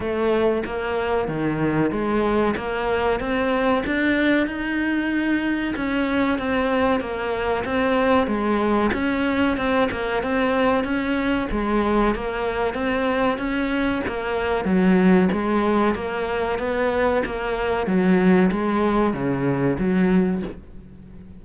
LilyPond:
\new Staff \with { instrumentName = "cello" } { \time 4/4 \tempo 4 = 94 a4 ais4 dis4 gis4 | ais4 c'4 d'4 dis'4~ | dis'4 cis'4 c'4 ais4 | c'4 gis4 cis'4 c'8 ais8 |
c'4 cis'4 gis4 ais4 | c'4 cis'4 ais4 fis4 | gis4 ais4 b4 ais4 | fis4 gis4 cis4 fis4 | }